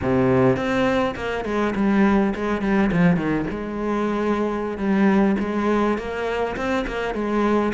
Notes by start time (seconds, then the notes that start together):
0.02 C3
0.56 C4
1.15 A#3
1.44 G#3
1.75 G3
2.35 G#3
2.61 G3
2.92 F3
3.16 D#3
3.50 G#3
4.77 G3
5.39 G#3
5.97 A#3
6.56 C4
6.87 A#3
7.14 G#3